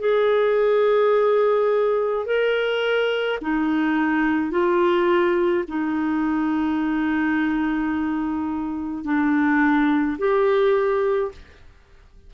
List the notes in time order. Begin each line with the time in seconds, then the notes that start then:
0.00 G#4
2.26 A#4
3.42 D#4
4.52 F4
5.69 D#4
9.05 D4
10.19 G4